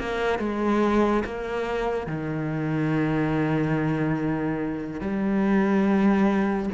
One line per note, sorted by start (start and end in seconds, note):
0.00 0.40 A#3
0.40 1.24 G#3
1.25 2.07 A#3
2.07 5.01 D#3
5.01 6.70 G3